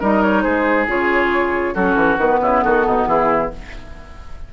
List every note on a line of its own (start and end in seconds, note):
0.00 0.45 G3
0.00 0.88 D#4
0.00 0.43 A#4
0.00 0.23 D#5
0.23 0.43 C#5
0.43 0.87 G#3
0.43 1.75 G#4
0.43 0.86 C5
0.87 1.75 C#3
0.87 1.75 F4
0.87 1.75 C#5
1.75 1.96 F#3
1.75 2.19 C#4
1.75 2.40 F#4
1.75 2.19 A4
1.96 2.18 E3
2.18 2.40 D#3
2.18 3.53 B3
2.18 2.63 B4
2.42 2.64 C#3
2.42 2.64 E4
2.63 2.87 D#3
2.63 2.86 F#4
2.63 3.07 A4
2.86 3.07 B2
2.86 3.08 D#4
3.07 3.50 E3
3.07 3.52 E4
3.07 3.51 G#4